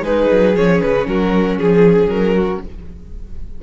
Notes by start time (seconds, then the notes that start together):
0.00 G#3 D#4 G#4 B4
0.31 F#3
0.56 F3 C#4 C#5
0.81 C#3 B4
1.06 F#3 F#4 A#4
1.58 F3 G#4
2.06 F#3 A#4
2.36 F#4